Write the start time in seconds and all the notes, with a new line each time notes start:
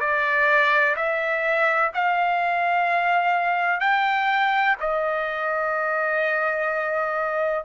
0.00 D5
0.96 E5
1.94 F5
3.81 G5
4.80 D#5